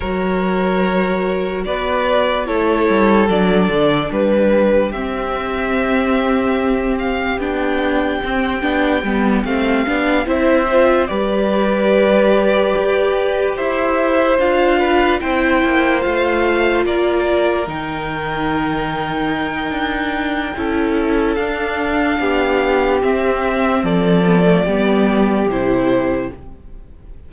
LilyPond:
<<
  \new Staff \with { instrumentName = "violin" } { \time 4/4 \tempo 4 = 73 cis''2 d''4 cis''4 | d''4 b'4 e''2~ | e''8 f''8 g''2~ g''8 f''8~ | f''8 e''4 d''2~ d''8~ |
d''8 e''4 f''4 g''4 f''8~ | f''8 d''4 g''2~ g''8~ | g''2 f''2 | e''4 d''2 c''4 | }
  \new Staff \with { instrumentName = "violin" } { \time 4/4 ais'2 b'4 a'4~ | a'4 g'2.~ | g'1~ | g'8 c''4 b'2~ b'8~ |
b'8 c''4. b'8 c''4.~ | c''8 ais'2.~ ais'8~ | ais'4 a'2 g'4~ | g'4 a'4 g'2 | }
  \new Staff \with { instrumentName = "viola" } { \time 4/4 fis'2. e'4 | d'2 c'2~ | c'4 d'4 c'8 d'8 b8 c'8 | d'8 e'8 f'8 g'2~ g'8~ |
g'4. f'4 e'4 f'8~ | f'4. dis'2~ dis'8~ | dis'4 e'4 d'2 | c'4. b16 a16 b4 e'4 | }
  \new Staff \with { instrumentName = "cello" } { \time 4/4 fis2 b4 a8 g8 | fis8 d8 g4 c'2~ | c'4 b4 c'8 b8 g8 a8 | b8 c'4 g2 g'8~ |
g'8 e'4 d'4 c'8 ais8 a8~ | a8 ais4 dis2~ dis8 | d'4 cis'4 d'4 b4 | c'4 f4 g4 c4 | }
>>